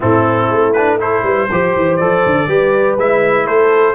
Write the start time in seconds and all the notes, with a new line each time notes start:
0.00 A2 C4 E4 A4
0.49 A3
0.72 D4 B4
0.99 E4 A4 C5
1.23 G3 B4
1.50 F3 G4 C5
1.76 E3
1.96 F3 A4 D5
2.25 D3
2.47 G3 G4 B4
2.97 G#3 E4 E5
3.45 A3 A4 C5